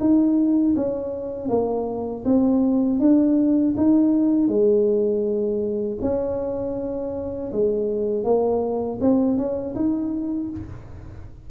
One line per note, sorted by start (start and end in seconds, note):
0.00 0.75 D#4
0.76 1.49 C#4
1.49 2.24 A#3
2.25 3.00 C4
3.00 3.75 D4
3.77 4.48 D#4
4.48 5.98 G#3
6.01 7.51 C#4
7.52 8.24 G#3
8.24 8.99 A#3
9.01 9.38 C4
9.38 9.75 C#4
9.75 10.50 D#4